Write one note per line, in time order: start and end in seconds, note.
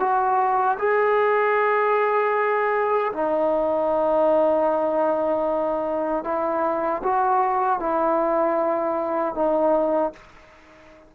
0.00 0.78 F#4
0.79 3.13 G#4
3.13 6.24 D#4
6.24 7.02 E4
7.04 7.80 F#4
7.80 9.35 E4
9.35 10.13 D#4